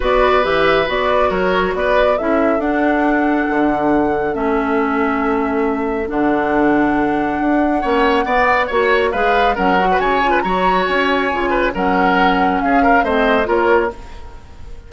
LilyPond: <<
  \new Staff \with { instrumentName = "flute" } { \time 4/4 \tempo 4 = 138 d''4 e''4 d''4 cis''4 | d''4 e''4 fis''2~ | fis''2 e''2~ | e''2 fis''2~ |
fis''1 | cis''4 f''4 fis''4 gis''4 | ais''4 gis''2 fis''4~ | fis''4 f''4 dis''4 cis''4 | }
  \new Staff \with { instrumentName = "oboe" } { \time 4/4 b'2. ais'4 | b'4 a'2.~ | a'1~ | a'1~ |
a'2 cis''4 d''4 | cis''4 b'4 ais'8. b'16 cis''8. b'16 | cis''2~ cis''8 b'8 ais'4~ | ais'4 gis'8 ais'8 c''4 ais'4 | }
  \new Staff \with { instrumentName = "clarinet" } { \time 4/4 fis'4 g'4 fis'2~ | fis'4 e'4 d'2~ | d'2 cis'2~ | cis'2 d'2~ |
d'2 cis'4 b4 | fis'4 gis'4 cis'8 fis'4 f'8 | fis'2 f'4 cis'4~ | cis'2 c'4 f'4 | }
  \new Staff \with { instrumentName = "bassoon" } { \time 4/4 b4 e4 b4 fis4 | b4 cis'4 d'2 | d2 a2~ | a2 d2~ |
d4 d'4 ais4 b4 | ais4 gis4 fis4 cis4 | fis4 cis'4 cis4 fis4~ | fis4 cis'4 a4 ais4 | }
>>